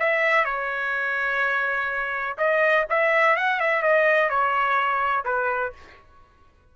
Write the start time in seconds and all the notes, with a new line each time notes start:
0.00 E5
0.45 C#5
2.38 D#5
2.90 E5
3.37 F#5
3.60 E5
3.83 D#5
4.30 C#5
5.25 B4